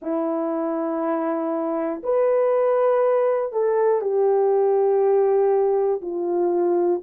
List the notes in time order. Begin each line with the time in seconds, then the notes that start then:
0.02 E4
2.03 B4
3.52 A4
4.00 G4
6.01 F4